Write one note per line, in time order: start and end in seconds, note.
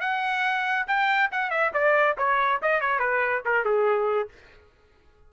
0.00 0.86 F#5
0.87 1.30 G5
1.31 1.50 F#5
1.50 1.71 E5
1.73 2.16 D5
2.17 2.60 C#5
2.62 2.80 D#5
2.80 2.99 C#5
2.99 3.42 B4
3.45 3.64 A#4
3.64 4.29 G#4